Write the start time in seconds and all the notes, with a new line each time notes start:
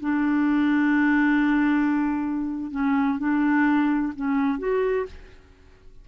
0.00 D4
2.71 C#4
3.18 D4
4.16 C#4
4.58 F#4